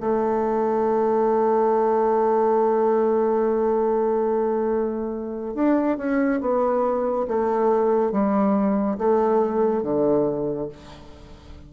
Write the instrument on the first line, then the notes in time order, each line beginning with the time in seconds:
bassoon
0.00 A3
5.54 D4
5.98 C#4
6.41 B3
7.28 A3
8.12 G3
8.98 A3
9.83 D3